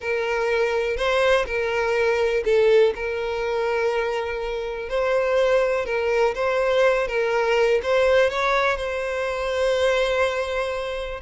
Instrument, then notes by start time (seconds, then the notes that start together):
violin
0.00 A#4
0.96 C5
1.46 A#4
2.45 A4
2.95 A#4
4.89 C5
5.85 A#4
6.34 C5
7.07 A#4
7.82 C5
8.30 C#5
8.76 C5